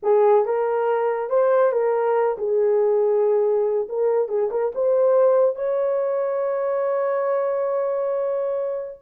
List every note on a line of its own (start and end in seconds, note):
0.03 0.45 G#4
0.45 1.29 A#4
1.29 1.72 C5
1.72 2.36 A#4
2.37 3.87 G#4
3.88 4.28 A#4
4.28 4.49 G#4
4.51 4.72 A#4
4.75 5.55 C5
5.55 8.98 C#5